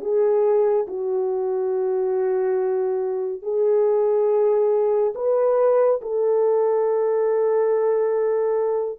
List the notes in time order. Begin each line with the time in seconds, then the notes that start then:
0.00 G#4
0.87 F#4
3.42 G#4
5.15 B4
6.01 A4